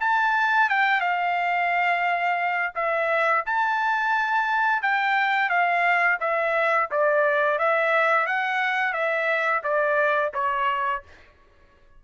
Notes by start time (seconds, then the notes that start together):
0.00 A5
0.69 G5
1.00 F5
2.75 E5
3.45 A5
4.82 G5
5.49 F5
6.20 E5
6.90 D5
7.58 E5
8.26 F#5
8.92 E5
9.63 D5
10.34 C#5